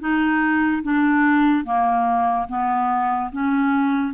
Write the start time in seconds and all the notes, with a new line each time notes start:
0.00 D#4
0.83 D4
1.64 A#3
2.48 B3
3.32 C#4